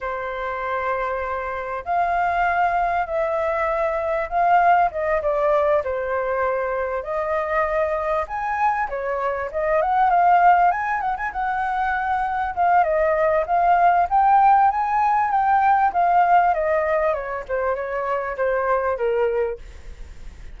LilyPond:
\new Staff \with { instrumentName = "flute" } { \time 4/4 \tempo 4 = 98 c''2. f''4~ | f''4 e''2 f''4 | dis''8 d''4 c''2 dis''8~ | dis''4. gis''4 cis''4 dis''8 |
fis''8 f''4 gis''8 fis''16 gis''16 fis''4.~ | fis''8 f''8 dis''4 f''4 g''4 | gis''4 g''4 f''4 dis''4 | cis''8 c''8 cis''4 c''4 ais'4 | }